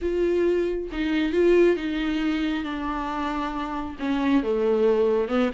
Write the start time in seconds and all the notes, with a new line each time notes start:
0.01 F4
0.91 D#4
1.32 F4
1.76 D#4
2.64 D4
3.99 C#4
4.43 A3
5.28 B3